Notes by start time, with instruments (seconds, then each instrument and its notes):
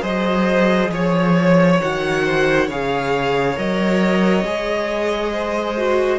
0.00 cello F#3, viola G#4, violin C5 D#5
0.91 cello F3, violin C#5
1.81 cello D#3, viola F#4, violin F#5
2.25 violin C5
2.67 cello C#3, viola G#4, violin C#5 F5
3.56 cello F#3, viola A#4, violin D#5
4.44 cello G#3, viola G#4
5.32 violin C5
5.77 viola F#4